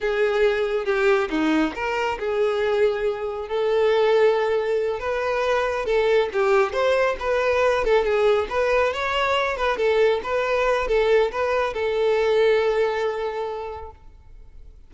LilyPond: \new Staff \with { instrumentName = "violin" } { \time 4/4 \tempo 4 = 138 gis'2 g'4 dis'4 | ais'4 gis'2. | a'2.~ a'8 b'8~ | b'4. a'4 g'4 c''8~ |
c''8 b'4. a'8 gis'4 b'8~ | b'8 cis''4. b'8 a'4 b'8~ | b'4 a'4 b'4 a'4~ | a'1 | }